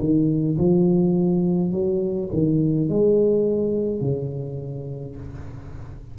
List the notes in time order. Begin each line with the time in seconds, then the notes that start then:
0.00 D#3
0.59 F3
1.72 F#3
2.33 D#3
2.90 G#3
4.01 C#3